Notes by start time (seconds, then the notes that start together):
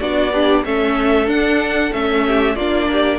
0.00 B3 D4 F#4 D5
0.32 D4 G4
0.65 A3 C#4 A4 E5
1.27 D4 F#5
1.93 A3 C#4 E5
2.27 G4
2.56 A#3 D4 F4 D5
2.92 G4